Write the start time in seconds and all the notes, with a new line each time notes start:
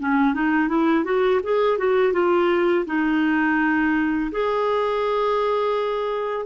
0.00 C#4
0.34 D#4
0.69 E4
1.05 F#4
1.43 G#4
1.78 F#4
2.13 F4
2.86 D#4
4.32 G#4